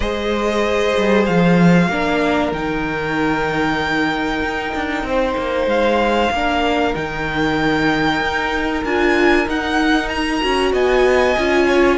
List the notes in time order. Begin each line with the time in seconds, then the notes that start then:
0.00 G#3 G#4 C5 D#5
0.97 G3
1.26 F3 F5
1.88 A#3 D4 A#4
2.51 D#3 D#4 G5
4.41 D#4
4.75 D4
5.03 C4 C5
5.37 A#3
5.66 G#3 F5
6.31 A#3 D4 A#4
6.94 D#3 D#4 G5
8.20 D#4
8.83 D4 F4 G#5
9.47 D#4 F#5
10.08 A#5
10.41 C#4 F#4
10.71 B3 D#5 G#5
11.38 C#4 F4
11.67 C#5